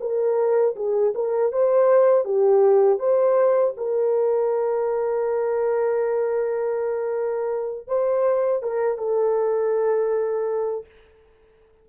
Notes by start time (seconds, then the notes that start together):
0.00 A#4
0.76 G#4
1.15 A#4
1.52 C5
2.25 G4
2.99 C5
3.77 A#4
7.88 C5
8.62 A#4
8.98 A4